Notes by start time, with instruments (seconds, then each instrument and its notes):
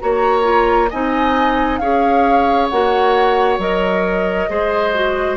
0.00 bassoon A#3, clarinet F#4, oboe C#5, flute A#5
0.43 clarinet F4
0.90 bassoon C4, clarinet D#4, oboe D#5, flute G#5
1.78 bassoon C#4, clarinet G#4, oboe C#5, flute F5
2.69 bassoon A#3, clarinet F#4, flute F#5
3.58 bassoon F#3, clarinet A#4, flute D#5
4.49 bassoon G#3, clarinet G#4, oboe C5
4.94 clarinet F#4